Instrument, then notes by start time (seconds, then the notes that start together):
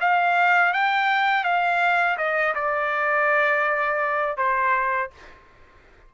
trumpet
0.00 F5
0.73 G5
1.44 F5
2.17 D#5
2.54 D5
4.37 C5